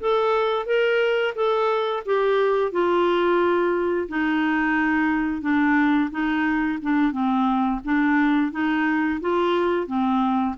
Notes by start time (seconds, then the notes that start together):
0.00 A4
0.66 A#4
1.35 A4
2.06 G4
2.72 F4
4.09 D#4
5.42 D4
6.11 D#4
6.82 D4
7.12 C4
7.85 D4
8.52 D#4
9.21 F4
9.87 C4